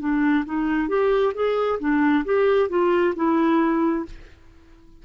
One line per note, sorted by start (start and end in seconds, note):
0.00 0.45 D4
0.46 0.89 D#4
0.89 1.34 G4
1.35 1.80 G#4
1.80 2.25 D4
2.26 2.70 G4
2.70 3.15 F4
3.16 4.06 E4